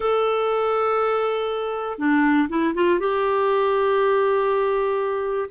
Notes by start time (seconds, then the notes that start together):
0.00 A4
1.98 D4
2.49 E4
2.74 F4
2.99 G4